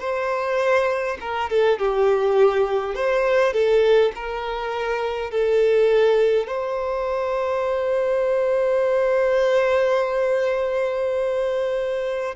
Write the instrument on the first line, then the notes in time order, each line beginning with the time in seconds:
violin
0.00 C5
1.20 A#4
1.49 A4
1.79 G4
2.95 C5
3.53 A4
4.15 A#4
5.30 A4
6.47 C5